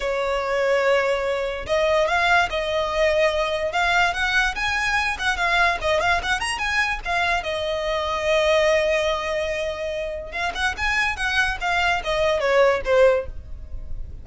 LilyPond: \new Staff \with { instrumentName = "violin" } { \time 4/4 \tempo 4 = 145 cis''1 | dis''4 f''4 dis''2~ | dis''4 f''4 fis''4 gis''4~ | gis''8 fis''8 f''4 dis''8 f''8 fis''8 ais''8 |
gis''4 f''4 dis''2~ | dis''1~ | dis''4 f''8 fis''8 gis''4 fis''4 | f''4 dis''4 cis''4 c''4 | }